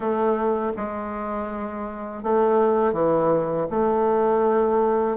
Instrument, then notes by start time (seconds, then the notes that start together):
bassoon
0.00 A3
0.76 G#3
2.23 A3
2.92 E3
3.70 A3